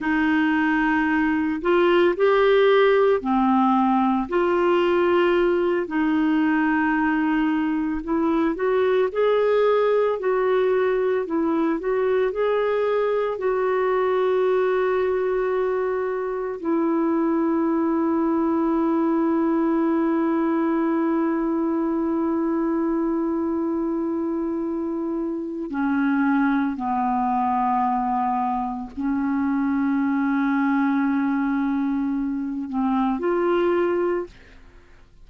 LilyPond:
\new Staff \with { instrumentName = "clarinet" } { \time 4/4 \tempo 4 = 56 dis'4. f'8 g'4 c'4 | f'4. dis'2 e'8 | fis'8 gis'4 fis'4 e'8 fis'8 gis'8~ | gis'8 fis'2. e'8~ |
e'1~ | e'1 | cis'4 b2 cis'4~ | cis'2~ cis'8 c'8 f'4 | }